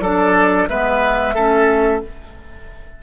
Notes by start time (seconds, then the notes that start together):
0.00 F#3 D4 A4 D5
0.69 G#3 B3 B4 E5
1.35 A3 C#4 A4